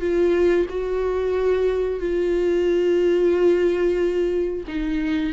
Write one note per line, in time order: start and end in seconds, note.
0.00 0.66 F4
0.69 2.00 F#4
2.00 4.63 F4
4.67 5.32 D#4